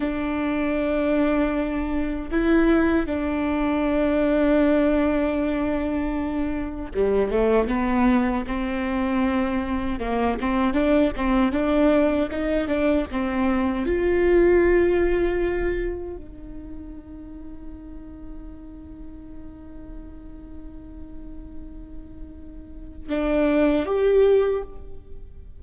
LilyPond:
\new Staff \with { instrumentName = "viola" } { \time 4/4 \tempo 4 = 78 d'2. e'4 | d'1~ | d'4 g8 a8 b4 c'4~ | c'4 ais8 c'8 d'8 c'8 d'4 |
dis'8 d'8 c'4 f'2~ | f'4 dis'2.~ | dis'1~ | dis'2 d'4 g'4 | }